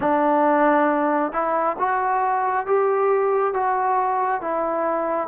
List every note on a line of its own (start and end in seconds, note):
0.00 1.32 D4
1.32 1.76 E4
1.78 2.66 F#4
2.66 3.53 G4
3.53 4.41 F#4
4.41 5.27 E4